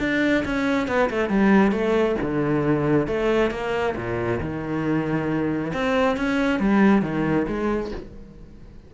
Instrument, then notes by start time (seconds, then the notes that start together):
cello
0.00 D4
0.45 C#4
0.88 B3
1.10 A3
1.30 G3
1.72 A3
2.22 D3
3.08 A3
3.51 A#3
3.96 A#2
4.41 D#3
5.74 C4
6.17 C#4
6.60 G3
7.02 D#3
7.48 G#3